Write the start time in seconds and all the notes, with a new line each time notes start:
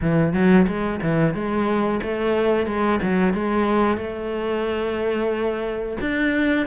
0.01 E3
0.33 F#3
0.67 G#3
1.02 E3
1.34 G#3
2.02 A3
2.66 G#3
3.02 F#3
3.33 G#3
3.97 A3
6.01 D4